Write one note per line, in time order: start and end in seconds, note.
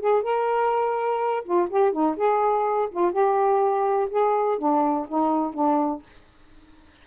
0.00 0.23 G#4
0.23 1.44 A#4
1.44 1.68 F4
1.70 1.92 G4
1.92 2.17 D#4
2.17 2.89 G#4
2.91 3.12 F4
3.12 4.09 G4
4.10 4.58 G#4
4.58 5.07 D4
5.08 5.54 D#4
5.54 6.03 D4